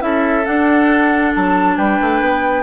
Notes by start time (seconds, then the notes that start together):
0.00 C#4 E4 A4 E5
0.46 D4 F#5
1.35 F#3 A5
1.77 G3 B4 G5
2.01 A3
2.21 B3